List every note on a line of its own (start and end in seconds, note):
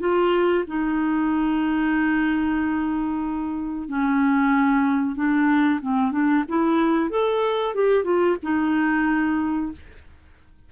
0.00 0.65 F4
0.68 3.89 D#4
3.89 5.16 C#4
5.16 5.80 D4
5.82 6.12 C4
6.12 6.44 D4
6.48 7.11 E4
7.11 7.75 A4
7.75 8.04 G4
8.04 8.37 F4
8.43 9.72 D#4